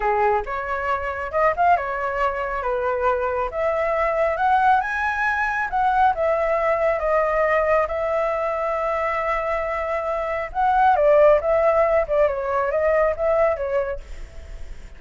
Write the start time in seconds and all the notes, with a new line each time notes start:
0.00 G#4
0.45 C#5
1.31 D#5
1.56 F5
1.76 C#5
2.62 B4
3.50 E5
4.37 F#5
4.80 G#5
5.69 F#5
6.14 E5
6.99 D#5
7.87 E5
10.52 F#5
10.95 D5
11.40 E5
12.07 D5
12.27 C#5
12.71 D#5
13.16 E5
13.56 C#5